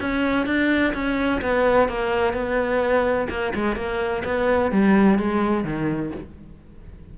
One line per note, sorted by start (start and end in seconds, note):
0.00 0.46 C#4
0.46 0.93 D4
0.93 1.41 C#4
1.41 1.88 B3
1.88 2.33 A#3
2.33 3.28 B3
3.29 3.53 A#3
3.54 3.75 G#3
3.75 4.23 A#3
4.24 4.71 B3
4.71 5.18 G3
5.18 5.64 G#3
5.64 6.11 D#3